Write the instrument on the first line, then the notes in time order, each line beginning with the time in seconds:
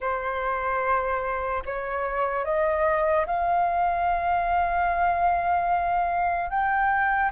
flute
0.00 C5
1.65 C#5
2.45 D#5
3.26 F5
6.50 G5